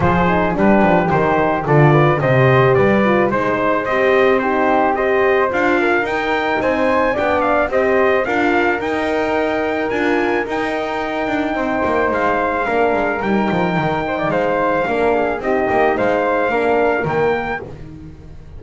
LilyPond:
<<
  \new Staff \with { instrumentName = "trumpet" } { \time 4/4 \tempo 4 = 109 c''4 b'4 c''4 d''4 | dis''4 d''4 c''4 dis''4 | c''4 dis''4 f''4 g''4 | gis''4 g''8 f''8 dis''4 f''4 |
g''2 gis''4 g''4~ | g''2 f''2 | g''2 f''2 | dis''4 f''2 g''4 | }
  \new Staff \with { instrumentName = "flute" } { \time 4/4 gis'4 g'2 a'8 b'8 | c''4 b'4 c''2 | g'4 c''4. ais'4. | c''4 d''4 c''4 ais'4~ |
ais'1~ | ais'4 c''2 ais'4~ | ais'4. c''16 d''16 c''4 ais'8 gis'8 | g'4 c''4 ais'2 | }
  \new Staff \with { instrumentName = "horn" } { \time 4/4 f'8 dis'8 d'4 dis'4 f'4 | g'4. f'8 dis'4 g'4 | dis'4 g'4 f'4 dis'4~ | dis'4 d'4 g'4 f'4 |
dis'2 f'4 dis'4~ | dis'2. d'4 | dis'2. d'4 | dis'2 d'4 ais4 | }
  \new Staff \with { instrumentName = "double bass" } { \time 4/4 f4 g8 f8 dis4 d4 | c4 g4 gis4 c'4~ | c'2 d'4 dis'4 | c'4 b4 c'4 d'4 |
dis'2 d'4 dis'4~ | dis'8 d'8 c'8 ais8 gis4 ais8 gis8 | g8 f8 dis4 gis4 ais4 | c'8 ais8 gis4 ais4 dis4 | }
>>